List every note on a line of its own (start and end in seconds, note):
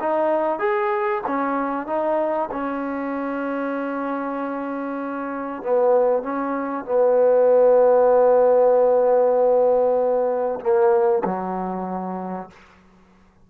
0.00 0.59 D#4
0.59 1.22 G#4
1.27 1.87 C#4
1.87 2.49 D#4
2.51 5.63 C#4
5.63 6.23 B3
6.23 6.85 C#4
6.85 10.60 B3
10.61 11.23 A#3
11.25 12.50 F#3